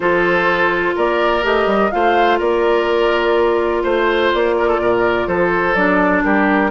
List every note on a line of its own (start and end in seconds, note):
0.00 0.93 F3
0.00 1.43 F4
0.00 0.95 A4
0.00 0.95 C5
0.95 1.44 A#3
0.95 1.91 A#4
0.95 1.45 D5
1.43 1.66 A3
1.43 1.91 G4
1.43 1.91 D#5
1.66 1.90 G3
1.91 2.40 A3
1.91 5.75 F4
1.91 2.39 C5
1.91 2.39 F5
2.39 3.84 A#3
2.39 3.83 A#4
2.39 3.83 D5
3.83 4.32 A3
3.83 4.55 C5
3.83 4.31 C5
4.33 4.79 A#3
4.33 5.28 D5
4.58 4.67 A#4
4.67 4.79 A4
4.79 5.27 A#2
4.79 5.27 A#4
5.27 5.74 F3
5.27 6.23 A4
5.27 5.75 C5
5.74 6.22 F#3
5.74 6.71 D4
5.74 6.23 D5
6.24 6.71 G3
6.24 6.71 G4
6.24 6.71 A#4